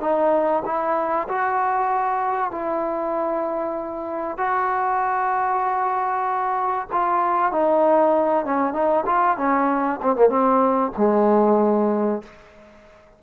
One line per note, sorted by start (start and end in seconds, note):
0.00 0.62 D#4
0.65 1.28 E4
1.28 2.51 F#4
2.51 4.37 E4
4.37 6.87 F#4
6.92 7.52 F4
7.52 8.45 D#4
8.45 8.73 C#4
8.73 9.04 D#4
9.06 9.37 F4
9.37 10.00 C#4
10.02 10.16 C4
10.16 10.29 A#3
10.29 10.91 C4
10.97 12.22 G#3